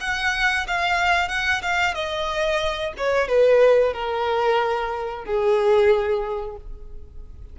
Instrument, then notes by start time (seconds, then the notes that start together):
violin
0.00 F#5
0.67 F5
1.28 F#5
1.62 F5
1.94 D#5
2.97 C#5
3.28 B4
3.93 A#4
5.24 G#4